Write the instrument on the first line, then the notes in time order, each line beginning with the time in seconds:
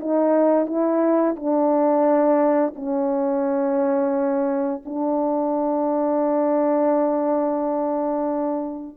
horn
0.00 D#4
0.66 E4
1.36 D4
2.76 C#4
4.85 D4